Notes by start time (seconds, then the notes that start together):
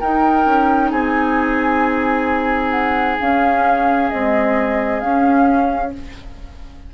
0.00 D#4 A#4 G5
0.46 C#4
0.91 C4 G#4 G#5
2.71 F#5
3.20 C#4 F5
4.10 G#3 C4 D#5
5.00 C#4 F5